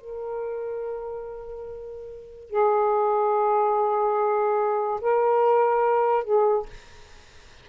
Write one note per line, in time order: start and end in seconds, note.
0.00 2.50 A#4
2.50 5.00 G#4
5.00 6.24 A#4
6.24 6.66 G#4